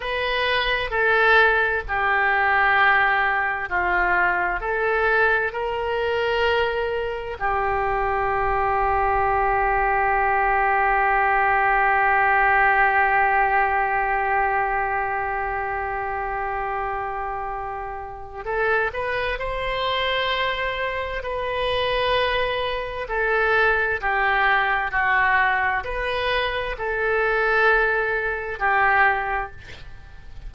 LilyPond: \new Staff \with { instrumentName = "oboe" } { \time 4/4 \tempo 4 = 65 b'4 a'4 g'2 | f'4 a'4 ais'2 | g'1~ | g'1~ |
g'1 | a'8 b'8 c''2 b'4~ | b'4 a'4 g'4 fis'4 | b'4 a'2 g'4 | }